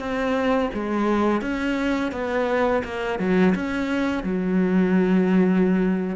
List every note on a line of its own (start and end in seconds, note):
0.00 0.71 C4
0.74 1.42 G#3
1.42 2.12 C#4
2.12 2.83 B3
2.84 3.19 A#3
3.19 3.55 F#3
3.56 4.24 C#4
4.24 6.17 F#3